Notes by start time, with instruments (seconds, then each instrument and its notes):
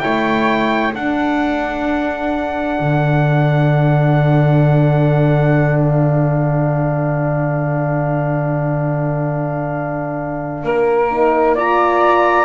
0.00 double bass A3, horn E4, flute C#5, trumpet G5
0.94 horn D4, double bass D4, flute A4, trumpet F#5
2.79 double bass D3
5.79 trumpet F5
10.63 double bass A#3, flute A#4
11.11 horn D#4
11.55 horn F4, flute D5, trumpet A#5